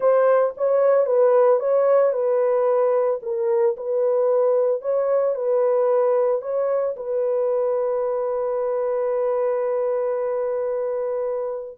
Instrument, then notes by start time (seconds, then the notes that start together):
horn
0.00 C5
0.57 C#5
1.05 B4
1.59 C#5
2.12 B4
3.22 A#4
3.76 B4
4.81 C#5
5.35 B4
6.41 C#5
6.96 B4